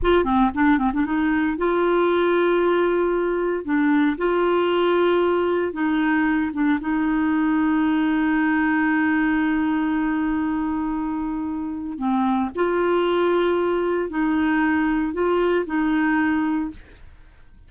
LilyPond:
\new Staff \with { instrumentName = "clarinet" } { \time 4/4 \tempo 4 = 115 f'8 c'8 d'8 c'16 d'16 dis'4 f'4~ | f'2. d'4 | f'2. dis'4~ | dis'8 d'8 dis'2.~ |
dis'1~ | dis'2. c'4 | f'2. dis'4~ | dis'4 f'4 dis'2 | }